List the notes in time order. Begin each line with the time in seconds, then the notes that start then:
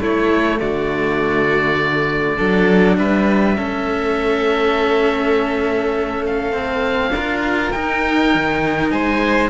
0.00 A3 E4 C#5
0.60 D3 F#4 D5
2.37 F#3 D4 A4
2.98 G3 B4 E5
3.56 A3 C#4 A4
6.26 F5
6.52 C4
7.10 D4 A#4
7.16 F4
7.71 D#4 G5
8.35 D#3
8.91 G#3 C5 G#5